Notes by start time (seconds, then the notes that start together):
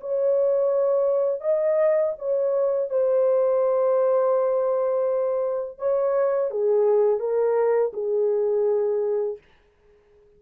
0.00 C#5
1.41 D#5
2.18 C#5
2.89 C5
5.78 C#5
6.51 G#4
7.20 A#4
7.93 G#4